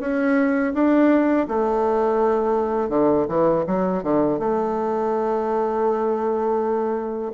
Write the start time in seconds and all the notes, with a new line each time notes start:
0.00 C#4
0.75 D4
1.48 A3
2.90 D3
3.29 E3
3.67 F#3
4.04 D3
4.39 A3